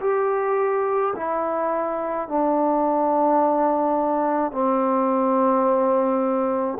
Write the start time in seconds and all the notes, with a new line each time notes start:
0.00 G4
1.16 E4
2.28 D4
4.51 C4